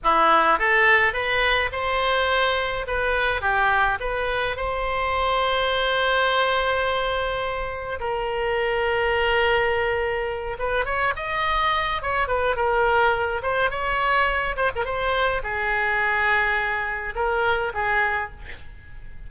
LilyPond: \new Staff \with { instrumentName = "oboe" } { \time 4/4 \tempo 4 = 105 e'4 a'4 b'4 c''4~ | c''4 b'4 g'4 b'4 | c''1~ | c''2 ais'2~ |
ais'2~ ais'8 b'8 cis''8 dis''8~ | dis''4 cis''8 b'8 ais'4. c''8 | cis''4. c''16 ais'16 c''4 gis'4~ | gis'2 ais'4 gis'4 | }